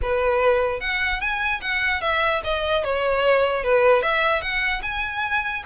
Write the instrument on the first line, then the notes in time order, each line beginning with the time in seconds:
violin
0.02 B4
0.80 F#5
1.20 G#5
1.61 F#5
2.01 E5
2.44 D#5
2.84 C#5
3.63 B4
4.02 E5
4.41 F#5
4.82 G#5